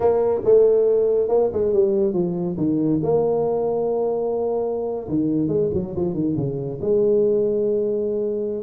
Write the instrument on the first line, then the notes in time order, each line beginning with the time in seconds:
tuba
0.00 A#3
0.44 A3
1.28 A#3
1.52 G#3
1.73 G3
2.13 F3
2.57 D#3
3.02 A#3
5.08 D#3
5.48 G#3
5.73 F#3
5.95 F3
6.14 D#3
6.36 C#3
6.81 G#3